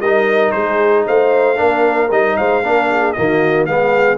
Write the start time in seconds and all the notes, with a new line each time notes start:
0.00 G3 D#4 A#4 D#5
0.51 G#3 G#4 C5
1.06 A3 C5 F5
1.55 A#3 D4 A#4
2.11 G3 D#4 D#5
2.36 G#3 C5 F5
2.62 A#3 D4 A#4
2.90 G#4
3.12 D#3 A#3 F#4 D#5
3.66 G#3 B3 G#4 F5